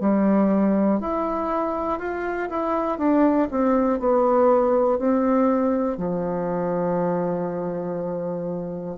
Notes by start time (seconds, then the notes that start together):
0.00 G3
1.00 E4
1.99 F4
2.50 E4
2.98 D4
3.51 C4
4.00 B3
4.99 C4
5.98 F3